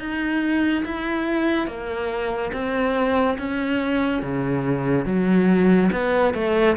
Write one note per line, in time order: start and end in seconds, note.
0.00 0.85 D#4
0.85 1.67 E4
1.67 2.52 A#3
2.53 3.38 C4
3.38 4.23 C#4
4.23 5.06 C#3
5.06 5.90 F#3
5.92 6.34 B3
6.34 6.76 A3